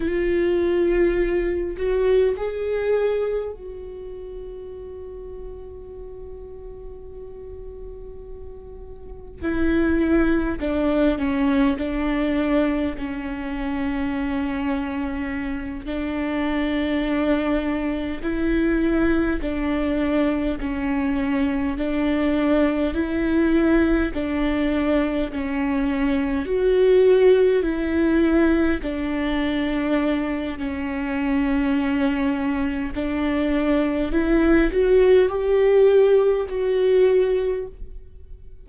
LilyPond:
\new Staff \with { instrumentName = "viola" } { \time 4/4 \tempo 4 = 51 f'4. fis'8 gis'4 fis'4~ | fis'1 | e'4 d'8 cis'8 d'4 cis'4~ | cis'4. d'2 e'8~ |
e'8 d'4 cis'4 d'4 e'8~ | e'8 d'4 cis'4 fis'4 e'8~ | e'8 d'4. cis'2 | d'4 e'8 fis'8 g'4 fis'4 | }